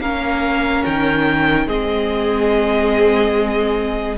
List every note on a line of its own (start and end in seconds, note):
0.00 0.83 A#3
0.00 1.68 C#4
0.00 1.67 A#4
0.00 0.84 F5
0.85 1.67 D#3
0.85 1.68 G5
1.67 4.17 G#3
1.67 4.18 C4
1.67 4.17 G#4
1.67 4.18 D#5